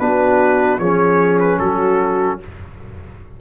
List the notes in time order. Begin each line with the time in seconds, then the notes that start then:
0.00 B3 D4 F#4 B4
0.79 F3 C#4 G#4 C#5
1.40 B4
1.59 F#3 F#4 A4